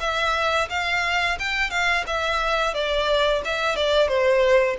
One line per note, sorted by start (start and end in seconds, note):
0.00 0.68 E5
0.70 1.38 F5
1.39 1.70 G5
1.70 2.04 F5
2.07 2.74 E5
2.74 3.42 D5
3.45 3.76 E5
3.76 4.08 D5
4.08 4.76 C5